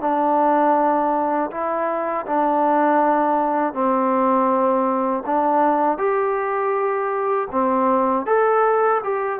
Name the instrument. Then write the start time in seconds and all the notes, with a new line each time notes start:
trombone
0.00 D4
1.50 E4
2.26 D4
3.73 C4
5.26 D4
5.98 G4
7.51 C4
8.26 A4
9.03 G4